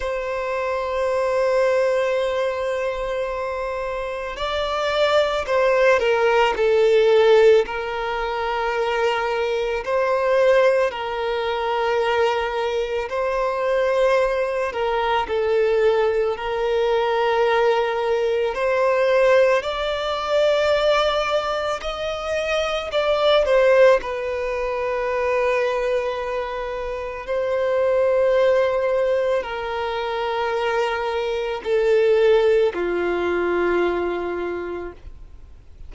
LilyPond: \new Staff \with { instrumentName = "violin" } { \time 4/4 \tempo 4 = 55 c''1 | d''4 c''8 ais'8 a'4 ais'4~ | ais'4 c''4 ais'2 | c''4. ais'8 a'4 ais'4~ |
ais'4 c''4 d''2 | dis''4 d''8 c''8 b'2~ | b'4 c''2 ais'4~ | ais'4 a'4 f'2 | }